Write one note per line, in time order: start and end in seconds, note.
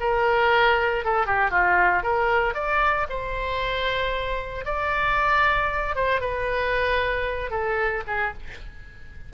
0.00 1.04 A#4
1.04 1.26 A4
1.26 1.51 G4
1.51 2.03 F4
2.03 2.54 A#4
2.54 3.07 D5
3.09 4.65 C5
4.65 5.95 D5
5.95 6.21 C5
6.21 7.51 B4
7.51 8.03 A4
8.07 8.33 G#4